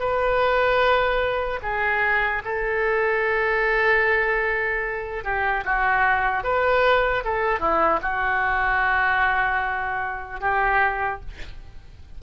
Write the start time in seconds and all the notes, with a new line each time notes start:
0.00 B4
1.63 G#4
2.45 A4
5.25 G4
5.65 F#4
6.44 B4
7.25 A4
7.60 E4
8.03 F#4
10.41 G4